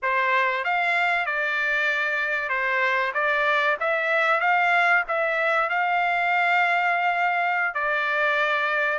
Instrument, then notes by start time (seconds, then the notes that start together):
trumpet
0.02 C5
0.64 F5
1.26 D5
2.49 C5
3.14 D5
3.80 E5
4.40 F5
5.08 E5
5.69 F5
7.74 D5